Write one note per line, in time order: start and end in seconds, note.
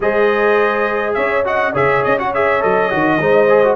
0.00 1.16 G#3
0.00 1.44 G#4
0.00 1.16 C5
0.00 1.14 D#5
1.14 1.74 C#4
1.14 1.45 C#5
1.14 1.43 E5
1.44 1.73 F#4
1.44 1.72 D#5
1.44 1.75 F#5
1.72 2.04 C#3
1.72 2.18 G#4
1.72 3.18 C#5
1.72 2.04 E5
2.04 2.63 C#4
2.04 2.18 D#5
2.18 2.33 F#4
2.18 2.33 F#5
2.33 2.60 G#4
2.33 2.62 E5
2.60 2.92 F#3
2.60 2.89 A4
2.60 3.76 D#5
2.89 3.19 D#3
2.89 3.19 F#4
3.19 3.76 G#3
3.19 3.48 D#4
3.19 3.76 C5
3.48 3.63 G#4
3.64 3.76 F#4